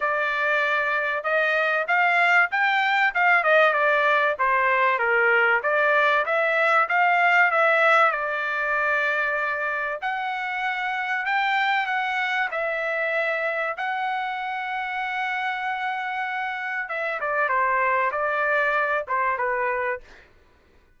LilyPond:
\new Staff \with { instrumentName = "trumpet" } { \time 4/4 \tempo 4 = 96 d''2 dis''4 f''4 | g''4 f''8 dis''8 d''4 c''4 | ais'4 d''4 e''4 f''4 | e''4 d''2. |
fis''2 g''4 fis''4 | e''2 fis''2~ | fis''2. e''8 d''8 | c''4 d''4. c''8 b'4 | }